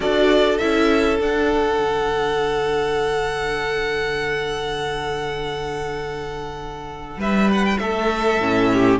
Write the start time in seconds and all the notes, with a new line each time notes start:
0.00 D4 F#4 A4 D5
0.58 C#4 E4 E5
1.19 D4 F#5
1.79 D3
7.17 G3 B4 E5
7.52 F#5
7.65 G5
7.78 A3 A4 E5
8.39 A2 C#4
8.72 G4